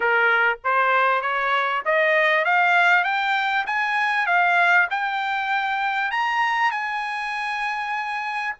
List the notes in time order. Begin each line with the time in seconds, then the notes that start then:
0.00 A#4
0.64 C5
1.21 C#5
1.85 D#5
2.44 F5
3.03 G5
3.66 G#5
4.26 F5
4.90 G5
6.11 A#5
6.71 G#5